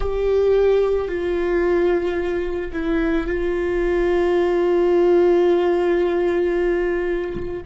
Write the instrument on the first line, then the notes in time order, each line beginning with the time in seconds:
viola
0.00 G4
1.08 F4
2.72 E4
3.27 F4